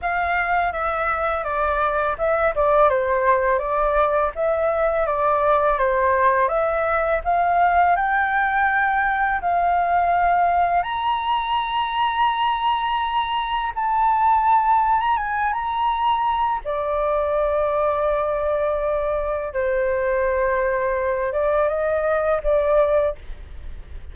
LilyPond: \new Staff \with { instrumentName = "flute" } { \time 4/4 \tempo 4 = 83 f''4 e''4 d''4 e''8 d''8 | c''4 d''4 e''4 d''4 | c''4 e''4 f''4 g''4~ | g''4 f''2 ais''4~ |
ais''2. a''4~ | a''8. ais''16 gis''8 ais''4. d''4~ | d''2. c''4~ | c''4. d''8 dis''4 d''4 | }